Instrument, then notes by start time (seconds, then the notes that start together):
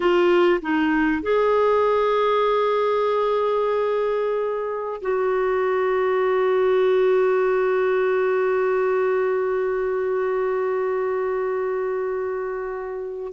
clarinet
0.00 F4
0.61 D#4
1.22 G#4
5.01 F#4